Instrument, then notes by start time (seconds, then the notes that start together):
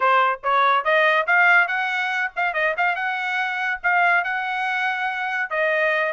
trumpet
0.00 C5
0.43 C#5
0.84 D#5
1.26 F5
1.67 F#5
2.36 F5
2.53 D#5
2.77 F5
2.95 F#5
3.83 F5
4.24 F#5
5.50 D#5